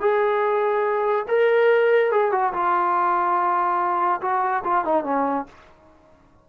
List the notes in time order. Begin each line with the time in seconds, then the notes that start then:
0.00 G#4
1.28 A#4
2.11 G#4
2.31 F#4
2.53 F4
4.21 F#4
4.64 F4
4.85 D#4
5.04 C#4